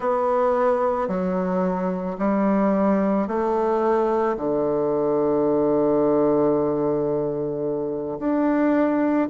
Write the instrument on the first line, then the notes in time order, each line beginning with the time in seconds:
bassoon
0.00 B3
1.08 F#3
2.18 G3
3.27 A3
4.36 D3
8.19 D4